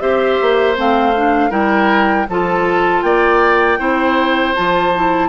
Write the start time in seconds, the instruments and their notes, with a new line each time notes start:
0.00 bassoon C4, clarinet G4, oboe C5, flute E5
0.41 bassoon A#3
0.76 bassoon A3, clarinet C4, flute F5
1.16 clarinet D4
1.50 bassoon G3, clarinet E4, oboe A#4, flute G5
2.29 bassoon F3, clarinet F4, oboe A4, flute A5
3.02 bassoon A#3, oboe D5, flute G5
3.79 bassoon C4, clarinet E4, oboe C5
4.56 bassoon F3, clarinet F4, flute A5
4.95 clarinet E4